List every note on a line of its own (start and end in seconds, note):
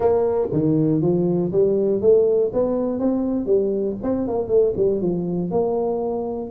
0.00 0.48 A#3
0.52 1.01 D#3
1.01 1.51 F3
1.51 2.01 G3
2.01 2.51 A3
2.53 2.99 B3
2.99 3.45 C4
3.45 3.95 G3
4.02 4.27 C4
4.27 4.47 A#3
4.47 4.72 A3
4.76 5.01 G3
5.01 5.50 F3
5.50 6.50 A#3